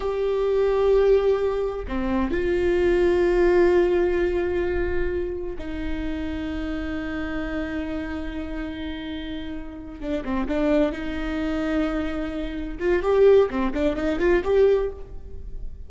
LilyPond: \new Staff \with { instrumentName = "viola" } { \time 4/4 \tempo 4 = 129 g'1 | c'4 f'2.~ | f'1 | dis'1~ |
dis'1~ | dis'4. d'8 c'8 d'4 dis'8~ | dis'2.~ dis'8 f'8 | g'4 c'8 d'8 dis'8 f'8 g'4 | }